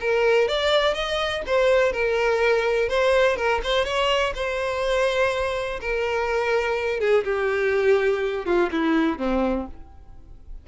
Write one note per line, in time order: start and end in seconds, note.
0.00 0.48 A#4
0.48 0.94 D5
0.94 1.42 D#5
1.46 1.92 C5
1.92 2.89 A#4
2.89 3.36 C5
3.36 3.60 A#4
3.63 3.84 C5
3.84 4.33 C#5
4.34 5.80 C5
5.81 6.99 A#4
6.99 7.24 G#4
7.24 8.45 G4
8.45 8.69 F4
8.71 9.18 E4
9.18 9.66 C4